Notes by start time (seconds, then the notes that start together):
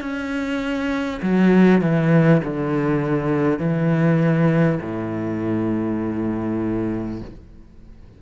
0.00 C#4
1.22 F#3
1.81 E3
2.43 D3
3.59 E3
4.81 A2